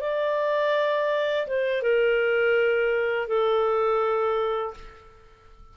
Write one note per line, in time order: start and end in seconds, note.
0.00 1.46 D5
1.47 1.82 C5
1.82 3.27 A#4
3.27 4.74 A4